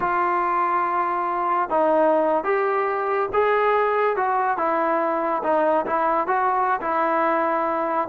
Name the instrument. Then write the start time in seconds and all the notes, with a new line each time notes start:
trombone
0.00 F4
1.69 D#4
2.44 G4
3.33 G#4
4.16 F#4
4.57 E4
5.43 D#4
5.85 E4
6.27 F#4
6.80 E4